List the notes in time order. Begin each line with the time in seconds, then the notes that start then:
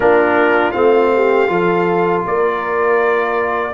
0.00 A#3 D4 F4 A#4
0.71 A3 C4 F5
1.15 G4
1.47 F3 F4 A4
2.25 A#3 A#4 D5